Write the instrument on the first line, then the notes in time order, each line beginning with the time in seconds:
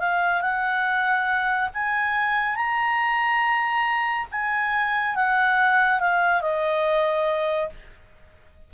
clarinet
0.00 F5
0.41 F#5
1.74 G#5
2.56 A#5
4.32 G#5
5.15 F#5
6.00 F5
6.41 D#5